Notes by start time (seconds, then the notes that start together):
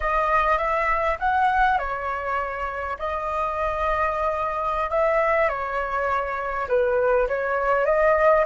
0.00 D#5
0.58 E5
1.19 F#5
1.78 C#5
2.98 D#5
4.90 E5
5.48 C#5
6.68 B4
7.27 C#5
7.85 D#5